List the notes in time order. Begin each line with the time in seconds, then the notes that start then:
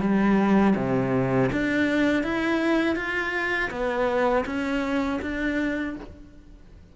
0.00 G3
0.75 C3
1.52 D4
2.23 E4
2.96 F4
3.70 B3
4.45 C#4
5.22 D4